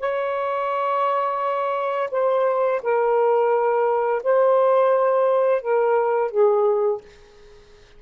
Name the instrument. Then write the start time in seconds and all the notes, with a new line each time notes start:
saxophone
0.00 C#5
2.11 C5
2.83 A#4
4.23 C5
5.62 A#4
6.31 G#4